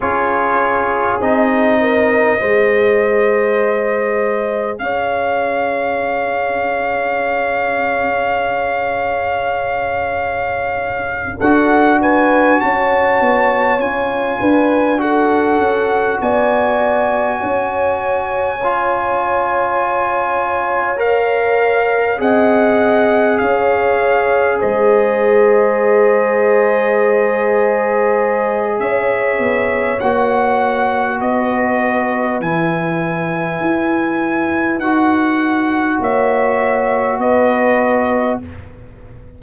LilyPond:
<<
  \new Staff \with { instrumentName = "trumpet" } { \time 4/4 \tempo 4 = 50 cis''4 dis''2. | f''1~ | f''4. fis''8 gis''8 a''4 gis''8~ | gis''8 fis''4 gis''2~ gis''8~ |
gis''4. f''4 fis''4 f''8~ | f''8 dis''2.~ dis''8 | e''4 fis''4 dis''4 gis''4~ | gis''4 fis''4 e''4 dis''4 | }
  \new Staff \with { instrumentName = "horn" } { \time 4/4 gis'4. ais'8 c''2 | cis''1~ | cis''4. a'8 b'8 cis''4. | b'8 a'4 d''4 cis''4.~ |
cis''2~ cis''8 dis''4 cis''8~ | cis''8 c''2.~ c''8 | cis''2 b'2~ | b'2 cis''4 b'4 | }
  \new Staff \with { instrumentName = "trombone" } { \time 4/4 f'4 dis'4 gis'2~ | gis'1~ | gis'4. fis'2 f'8~ | f'8 fis'2. f'8~ |
f'4. ais'4 gis'4.~ | gis'1~ | gis'4 fis'2 e'4~ | e'4 fis'2. | }
  \new Staff \with { instrumentName = "tuba" } { \time 4/4 cis'4 c'4 gis2 | cis'1~ | cis'4. d'4 cis'8 b8 cis'8 | d'4 cis'8 b4 cis'4.~ |
cis'2~ cis'8 c'4 cis'8~ | cis'8 gis2.~ gis8 | cis'8 b8 ais4 b4 e4 | e'4 dis'4 ais4 b4 | }
>>